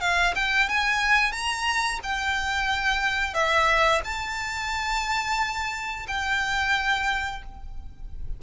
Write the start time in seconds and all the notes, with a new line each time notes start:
0.00 F5
0.35 G5
0.68 G#5
1.32 A#5
2.03 G5
3.33 E5
4.04 A5
6.07 G5